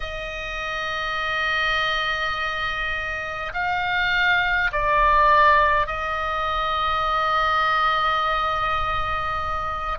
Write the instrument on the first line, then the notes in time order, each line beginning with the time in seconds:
oboe
0.00 D#5
3.53 F5
4.72 D5
5.86 D#5